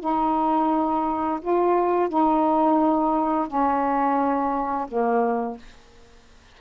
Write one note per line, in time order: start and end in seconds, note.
0.00 1.40 D#4
1.41 2.09 F4
2.09 3.48 D#4
3.48 4.87 C#4
4.88 5.58 A#3